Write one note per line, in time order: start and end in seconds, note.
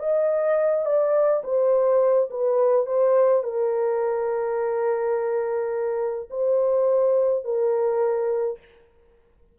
0.00 0.86 D#5
0.86 1.43 D5
1.44 2.30 C5
2.31 2.86 B4
2.86 3.44 C5
3.44 6.29 A#4
6.31 7.45 C5
7.45 8.59 A#4